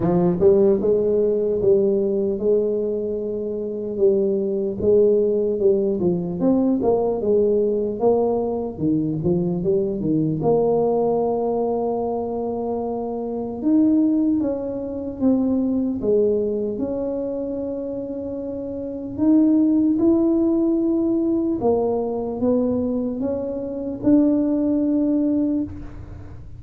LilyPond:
\new Staff \with { instrumentName = "tuba" } { \time 4/4 \tempo 4 = 75 f8 g8 gis4 g4 gis4~ | gis4 g4 gis4 g8 f8 | c'8 ais8 gis4 ais4 dis8 f8 | g8 dis8 ais2.~ |
ais4 dis'4 cis'4 c'4 | gis4 cis'2. | dis'4 e'2 ais4 | b4 cis'4 d'2 | }